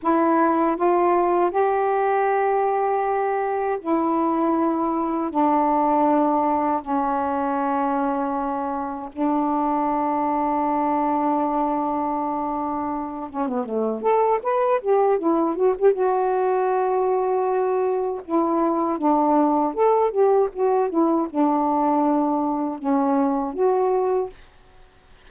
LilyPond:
\new Staff \with { instrumentName = "saxophone" } { \time 4/4 \tempo 4 = 79 e'4 f'4 g'2~ | g'4 e'2 d'4~ | d'4 cis'2. | d'1~ |
d'4. cis'16 b16 a8 a'8 b'8 g'8 | e'8 fis'16 g'16 fis'2. | e'4 d'4 a'8 g'8 fis'8 e'8 | d'2 cis'4 fis'4 | }